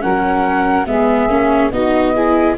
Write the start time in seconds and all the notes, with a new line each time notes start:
0.00 F#3 C#4 A#4 F#5
0.86 G#3 B3 G#4 E5
1.29 A#3 C#4
1.71 B3 D#4 F#4 D#5
2.13 E4 G#4